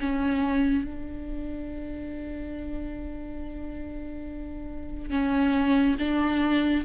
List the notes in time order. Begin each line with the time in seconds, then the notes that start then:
0.00 C#4
0.85 D4
5.11 C#4
5.99 D4